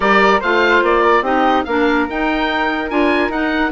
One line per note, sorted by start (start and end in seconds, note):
0.00 0.40 G3
0.00 0.40 G4
0.00 0.40 A#4
0.00 0.41 D5
0.40 0.82 A3
0.40 1.24 F4
0.40 1.01 C5
0.40 0.84 F5
0.82 1.21 A#3
0.82 1.24 D5
1.01 1.22 A#4
1.21 1.63 C4
1.21 1.65 D#4
1.21 1.64 G4
1.21 1.64 D#5
1.64 2.08 A#3
1.64 2.09 D4
1.64 3.71 A#4
1.64 2.06 F5
2.09 2.90 D#4
2.09 2.89 D#4
2.09 2.90 G5
2.89 3.28 D4
2.89 3.31 F4
2.89 3.31 G#5
3.28 3.70 D#4
3.28 3.71 D#4
3.28 3.71 F#5